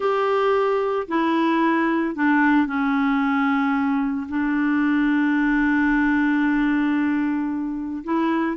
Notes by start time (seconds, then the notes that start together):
0.00 G4
1.07 E4
2.15 D4
2.66 C#4
4.28 D4
8.04 E4